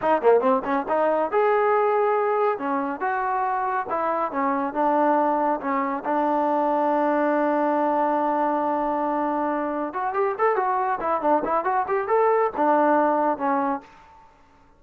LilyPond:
\new Staff \with { instrumentName = "trombone" } { \time 4/4 \tempo 4 = 139 dis'8 ais8 c'8 cis'8 dis'4 gis'4~ | gis'2 cis'4 fis'4~ | fis'4 e'4 cis'4 d'4~ | d'4 cis'4 d'2~ |
d'1~ | d'2. fis'8 g'8 | a'8 fis'4 e'8 d'8 e'8 fis'8 g'8 | a'4 d'2 cis'4 | }